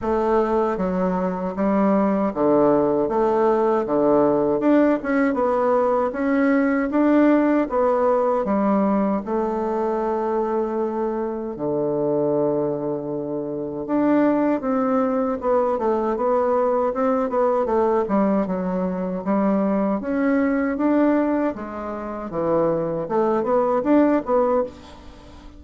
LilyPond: \new Staff \with { instrumentName = "bassoon" } { \time 4/4 \tempo 4 = 78 a4 fis4 g4 d4 | a4 d4 d'8 cis'8 b4 | cis'4 d'4 b4 g4 | a2. d4~ |
d2 d'4 c'4 | b8 a8 b4 c'8 b8 a8 g8 | fis4 g4 cis'4 d'4 | gis4 e4 a8 b8 d'8 b8 | }